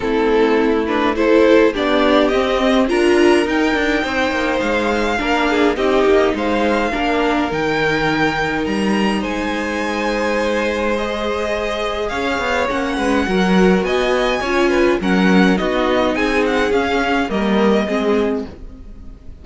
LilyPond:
<<
  \new Staff \with { instrumentName = "violin" } { \time 4/4 \tempo 4 = 104 a'4. b'8 c''4 d''4 | dis''4 ais''4 g''2 | f''2 dis''4 f''4~ | f''4 g''2 ais''4 |
gis''2. dis''4~ | dis''4 f''4 fis''2 | gis''2 fis''4 dis''4 | gis''8 fis''8 f''4 dis''2 | }
  \new Staff \with { instrumentName = "violin" } { \time 4/4 e'2 a'4 g'4~ | g'4 ais'2 c''4~ | c''4 ais'8 gis'8 g'4 c''4 | ais'1 |
c''1~ | c''4 cis''4. b'8 ais'4 | dis''4 cis''8 b'8 ais'4 fis'4 | gis'2 ais'4 gis'4 | }
  \new Staff \with { instrumentName = "viola" } { \time 4/4 c'4. d'8 e'4 d'4 | c'4 f'4 dis'2~ | dis'4 d'4 dis'2 | d'4 dis'2.~ |
dis'2. gis'4~ | gis'2 cis'4 fis'4~ | fis'4 f'4 cis'4 dis'4~ | dis'4 cis'4 ais4 c'4 | }
  \new Staff \with { instrumentName = "cello" } { \time 4/4 a2. b4 | c'4 d'4 dis'8 d'8 c'8 ais8 | gis4 ais4 c'8 ais8 gis4 | ais4 dis2 g4 |
gis1~ | gis4 cis'8 b8 ais8 gis8 fis4 | b4 cis'4 fis4 b4 | c'4 cis'4 g4 gis4 | }
>>